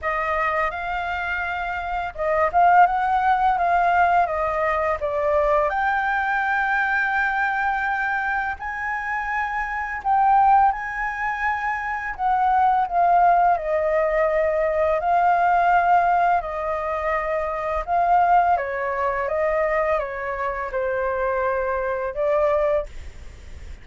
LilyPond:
\new Staff \with { instrumentName = "flute" } { \time 4/4 \tempo 4 = 84 dis''4 f''2 dis''8 f''8 | fis''4 f''4 dis''4 d''4 | g''1 | gis''2 g''4 gis''4~ |
gis''4 fis''4 f''4 dis''4~ | dis''4 f''2 dis''4~ | dis''4 f''4 cis''4 dis''4 | cis''4 c''2 d''4 | }